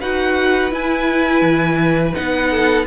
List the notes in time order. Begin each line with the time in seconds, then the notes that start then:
0.00 D#4 F#4 B4 F#5
0.71 E4 G#5
1.42 E3
2.14 B3 D#4 F#5
2.50 A4